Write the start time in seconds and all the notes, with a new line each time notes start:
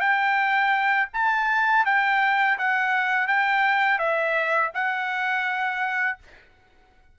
0.00 G5
1.13 A5
1.85 G5
2.58 F#5
3.27 G5
3.99 E5
4.74 F#5